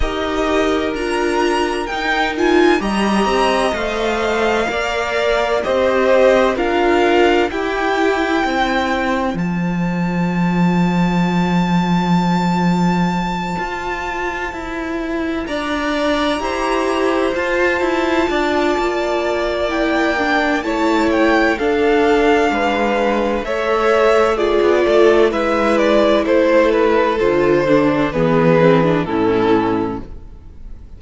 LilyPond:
<<
  \new Staff \with { instrumentName = "violin" } { \time 4/4 \tempo 4 = 64 dis''4 ais''4 g''8 gis''8 ais''4 | f''2 dis''4 f''4 | g''2 a''2~ | a''1~ |
a''8 ais''2 a''4.~ | a''4 g''4 a''8 g''8 f''4~ | f''4 e''4 d''4 e''8 d''8 | c''8 b'8 c''4 b'4 a'4 | }
  \new Staff \with { instrumentName = "violin" } { \time 4/4 ais'2. dis''4~ | dis''4 d''4 c''4 ais'4 | g'4 c''2.~ | c''1~ |
c''8 d''4 c''2 d''8~ | d''2 cis''4 a'4 | b'4 cis''4 gis'8 a'8 b'4 | a'2 gis'4 e'4 | }
  \new Staff \with { instrumentName = "viola" } { \time 4/4 g'4 f'4 dis'8 f'8 g'4 | c''4 ais'4 g'4 f'4 | e'2 f'2~ | f'1~ |
f'4. g'4 f'4.~ | f'4 e'8 d'8 e'4 d'4~ | d'4 a'4 f'4 e'4~ | e'4 f'8 d'8 b8 c'16 d'16 cis'4 | }
  \new Staff \with { instrumentName = "cello" } { \time 4/4 dis'4 d'4 dis'4 g8 c'8 | a4 ais4 c'4 d'4 | e'4 c'4 f2~ | f2~ f8 f'4 e'8~ |
e'8 d'4 e'4 f'8 e'8 d'8 | ais2 a4 d'4 | gis4 a4~ a16 b16 a8 gis4 | a4 d4 e4 a,4 | }
>>